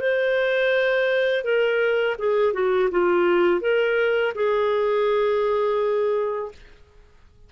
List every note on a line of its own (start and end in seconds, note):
0.00 1.44 C5
1.44 2.17 A#4
2.19 2.53 G#4
2.53 2.89 F#4
2.91 3.61 F4
3.61 4.33 A#4
4.35 6.52 G#4